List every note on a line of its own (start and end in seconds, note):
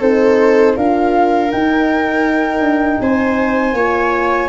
0.00 0.76 C4
0.00 0.76 D#4
0.00 0.75 A4
0.00 0.77 C5
0.76 1.52 D4
0.76 1.51 F4
0.76 3.01 A#4
0.76 1.52 F5
1.51 3.76 D#4
1.51 2.61 D#4
1.51 3.01 G5
2.61 2.98 D4
3.00 3.73 C4
3.00 3.76 C5
3.00 4.50 G#5
3.73 4.48 A#3
3.73 4.50 F4
3.73 4.50 C#5